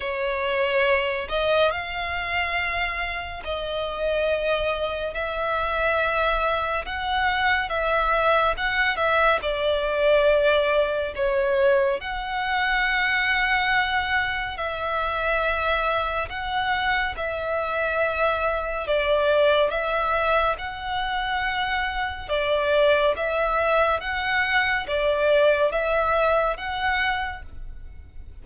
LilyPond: \new Staff \with { instrumentName = "violin" } { \time 4/4 \tempo 4 = 70 cis''4. dis''8 f''2 | dis''2 e''2 | fis''4 e''4 fis''8 e''8 d''4~ | d''4 cis''4 fis''2~ |
fis''4 e''2 fis''4 | e''2 d''4 e''4 | fis''2 d''4 e''4 | fis''4 d''4 e''4 fis''4 | }